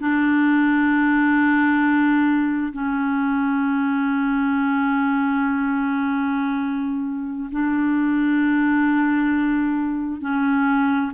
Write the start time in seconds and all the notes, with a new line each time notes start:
0.00 D4
2.73 C#4
7.52 D4
10.21 C#4